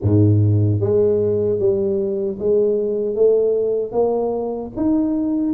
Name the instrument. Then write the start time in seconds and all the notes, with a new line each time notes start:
tuba
0.02 G#2
0.80 G#3
1.59 G3
2.39 G#3
3.15 A3
3.92 A#3
4.76 D#4